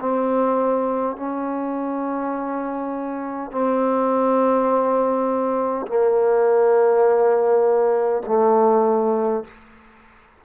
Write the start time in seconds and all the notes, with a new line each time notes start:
0.00 C4
1.17 C#4
3.51 C4
5.87 A#3
8.27 A3